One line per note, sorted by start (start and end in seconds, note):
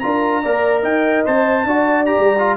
0.00 0.45 D4
0.00 0.43 F4
0.00 0.42 A#4
0.00 0.82 A#5
0.42 0.83 A#3
0.42 1.26 A#4
0.42 0.83 D5
0.83 1.24 D#4
0.83 1.64 D#5
0.83 1.25 G5
1.26 1.65 C4
1.26 1.67 C5
1.26 2.06 A5
1.65 2.16 D4
1.65 2.07 F#4
1.65 2.57 D5
2.06 2.37 G4
2.06 2.57 A#5
2.19 2.57 G3
2.39 2.57 F4